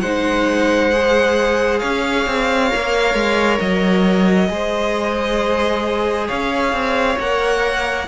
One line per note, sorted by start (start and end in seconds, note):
0.00 1.81 G#3
0.00 0.91 D#4
0.00 1.80 C5
0.00 1.79 F#5
0.91 2.69 G#4
1.79 2.26 C#4
1.79 4.49 C#5
1.79 3.58 F5
2.26 2.71 C4
2.69 3.14 A#3
2.69 4.48 A#4
3.14 3.59 G#3
3.59 4.49 F#3
3.59 6.27 D#5
4.48 6.28 G#3
4.48 7.16 G#4
4.48 6.27 C5
6.27 6.72 C#4
6.27 8.06 C#5
6.27 7.18 F5
6.72 7.17 C4
7.18 8.07 A#3
7.18 8.07 A#4
7.18 8.07 F#5